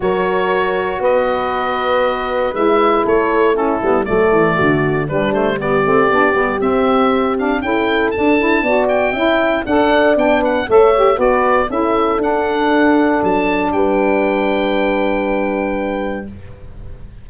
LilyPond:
<<
  \new Staff \with { instrumentName = "oboe" } { \time 4/4 \tempo 4 = 118 cis''2 dis''2~ | dis''4 e''4 cis''4 a'4 | d''2 b'8 c''8 d''4~ | d''4 e''4. f''8 g''4 |
a''4. g''4. fis''4 | g''8 fis''8 e''4 d''4 e''4 | fis''2 a''4 g''4~ | g''1 | }
  \new Staff \with { instrumentName = "horn" } { \time 4/4 ais'2 b'2~ | b'2 a'4 e'4 | a'4 fis'4 d'4 g'4~ | g'2. a'4~ |
a'4 d''4 e''4 d''4~ | d''8 b'8 cis''4 b'4 a'4~ | a'2. b'4~ | b'1 | }
  \new Staff \with { instrumentName = "saxophone" } { \time 4/4 fis'1~ | fis'4 e'2 cis'8 b8 | a2 g8 a8 b8 c'8 | d'8 b8 c'4. d'8 e'4 |
d'8 e'8 fis'4 e'4 a'4 | d'4 a'8 g'8 fis'4 e'4 | d'1~ | d'1 | }
  \new Staff \with { instrumentName = "tuba" } { \time 4/4 fis2 b2~ | b4 gis4 a4. g8 | fis8 e8 d4 g4. a8 | b8 g8 c'2 cis'4 |
d'4 b4 cis'4 d'4 | b4 a4 b4 cis'4 | d'2 fis4 g4~ | g1 | }
>>